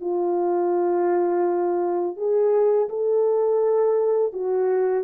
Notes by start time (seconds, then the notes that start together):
0.00 F4
2.16 G#4
2.89 A4
4.33 F#4